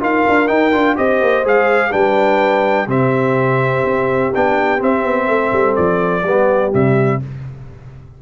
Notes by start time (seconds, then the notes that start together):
0.00 D#4 F4 A#4 F5
0.28 D4
0.47 D#4 G5
0.72 D4 F4
0.96 C4 G4 C5 D#5
1.21 A#3
1.44 G#3 G#4 F5
1.90 G3 D4 B4 G5
2.87 C3 C4 G4 E5
3.84 C4
4.34 B3 D4 G5
4.78 C4 E5
5.04 B3
5.28 A3 A4
5.52 G3
5.75 F3 D5
6.23 G3 B3 G4
6.72 C3 G3 E5